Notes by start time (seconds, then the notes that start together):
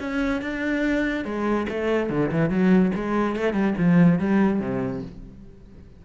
0.00 C#4
0.42 D4
1.25 G#3
1.69 A3
2.10 D3
2.32 E3
2.49 F#3
2.95 G#3
3.36 A3
3.53 G3
3.78 F3
4.19 G3
4.60 C3